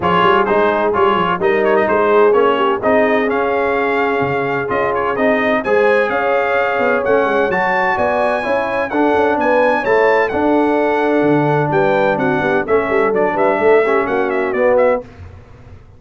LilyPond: <<
  \new Staff \with { instrumentName = "trumpet" } { \time 4/4 \tempo 4 = 128 cis''4 c''4 cis''4 dis''8 cis''16 dis''16 | c''4 cis''4 dis''4 f''4~ | f''2 dis''8 cis''8 dis''4 | gis''4 f''2 fis''4 |
a''4 gis''2 fis''4 | gis''4 a''4 fis''2~ | fis''4 g''4 fis''4 e''4 | d''8 e''4. fis''8 e''8 d''8 e''8 | }
  \new Staff \with { instrumentName = "horn" } { \time 4/4 gis'2. ais'4 | gis'4. g'8 gis'2~ | gis'1 | c''4 cis''2.~ |
cis''4 d''4 cis''4 a'4 | b'4 cis''4 a'2~ | a'4 b'4 fis'8 g'8 a'4~ | a'8 b'8 a'8 g'8 fis'2 | }
  \new Staff \with { instrumentName = "trombone" } { \time 4/4 f'4 dis'4 f'4 dis'4~ | dis'4 cis'4 dis'4 cis'4~ | cis'2 f'4 dis'4 | gis'2. cis'4 |
fis'2 e'4 d'4~ | d'4 e'4 d'2~ | d'2. cis'4 | d'4. cis'4. b4 | }
  \new Staff \with { instrumentName = "tuba" } { \time 4/4 f8 g8 gis4 g8 f8 g4 | gis4 ais4 c'4 cis'4~ | cis'4 cis4 cis'4 c'4 | gis4 cis'4. b8 a8 gis8 |
fis4 b4 cis'4 d'8 cis'8 | b4 a4 d'2 | d4 g4 c'8 b8 a8 g8 | fis8 g8 a4 ais4 b4 | }
>>